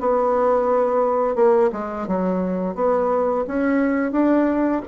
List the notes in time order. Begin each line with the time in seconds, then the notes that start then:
0.00 B3
1.35 A#3
1.72 G#3
2.07 F#3
2.75 B3
3.47 C#4
4.12 D4